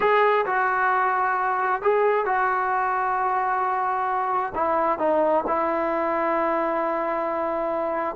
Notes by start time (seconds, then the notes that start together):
0.00 G#4
0.46 F#4
1.82 G#4
2.25 F#4
4.54 E4
4.99 D#4
5.47 E4